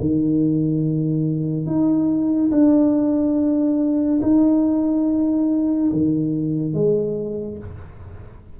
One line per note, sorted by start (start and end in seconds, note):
0.00 1.66 D#3
1.66 2.50 D#4
2.51 4.20 D4
4.22 5.91 D#4
5.92 6.73 D#3
6.73 7.58 G#3